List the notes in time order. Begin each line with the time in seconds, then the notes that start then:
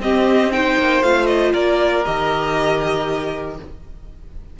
0.00 C4 G4 D#5
0.52 D#4 C5 G5
0.79 A#3
1.03 A3 F4 F5
1.26 D#5
1.53 A#3 A#4 D5
2.05 D#3 G4 D#5